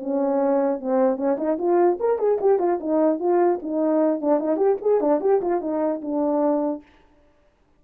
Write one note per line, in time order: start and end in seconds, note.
0.00 0.81 C#4
0.81 1.17 C4
1.17 1.37 C#4
1.38 1.58 D#4
1.59 1.99 F4
2.00 2.19 A#4
2.19 2.39 G#4
2.41 2.60 G4
2.60 2.80 F4
2.81 3.20 D#4
3.20 3.60 F4
3.62 4.21 D#4
4.21 4.40 D4
4.40 4.57 D#4
4.57 4.77 G4
4.82 5.01 G#4
5.01 5.21 D4
5.21 5.41 G4
5.42 5.61 F4
5.61 6.02 D#4
6.02 6.82 D4